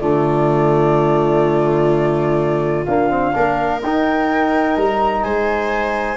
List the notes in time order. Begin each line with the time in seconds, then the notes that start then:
0.00 D3 A3 F4 D5
2.85 A#3 D4 F5
3.09 C4
3.34 A#3 D4 A#4
3.83 D#4 G5
4.77 G3 A#5
5.23 G#3 C5 G#5